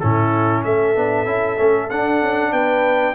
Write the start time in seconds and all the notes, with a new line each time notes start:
0.00 A2 C#4 E4 A4
0.64 A3 A4 E5
0.96 B3 D4
1.26 C#4 E4
1.57 A3 C#4
1.90 D4 F#5
2.22 C#4
2.52 B3 B4 G5